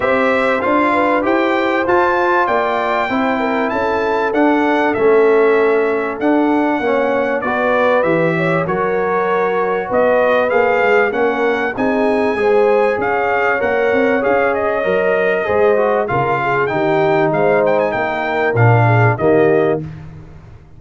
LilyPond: <<
  \new Staff \with { instrumentName = "trumpet" } { \time 4/4 \tempo 4 = 97 e''4 f''4 g''4 a''4 | g''2 a''4 fis''4 | e''2 fis''2 | d''4 e''4 cis''2 |
dis''4 f''4 fis''4 gis''4~ | gis''4 f''4 fis''4 f''8 dis''8~ | dis''2 f''4 g''4 | f''8 g''16 gis''16 g''4 f''4 dis''4 | }
  \new Staff \with { instrumentName = "horn" } { \time 4/4 c''4. b'8 c''2 | d''4 c''8 ais'8 a'2~ | a'2. cis''4 | b'4. cis''8 ais'2 |
b'2 ais'4 gis'4 | c''4 cis''2.~ | cis''4 c''4 ais'8 gis'8 g'4 | c''4 ais'4. gis'8 g'4 | }
  \new Staff \with { instrumentName = "trombone" } { \time 4/4 g'4 f'4 g'4 f'4~ | f'4 e'2 d'4 | cis'2 d'4 cis'4 | fis'4 g'4 fis'2~ |
fis'4 gis'4 cis'4 dis'4 | gis'2 ais'4 gis'4 | ais'4 gis'8 fis'8 f'4 dis'4~ | dis'2 d'4 ais4 | }
  \new Staff \with { instrumentName = "tuba" } { \time 4/4 c'4 d'4 e'4 f'4 | ais4 c'4 cis'4 d'4 | a2 d'4 ais4 | b4 e4 fis2 |
b4 ais8 gis8 ais4 c'4 | gis4 cis'4 ais8 c'8 cis'4 | fis4 gis4 cis4 dis4 | gis4 ais4 ais,4 dis4 | }
>>